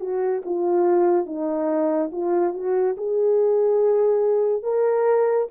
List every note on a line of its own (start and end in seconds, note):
0.00 0.42 F#4
0.45 1.26 F4
1.26 2.10 D#4
2.12 2.54 F4
2.54 2.96 F#4
2.97 4.63 G#4
4.63 5.47 A#4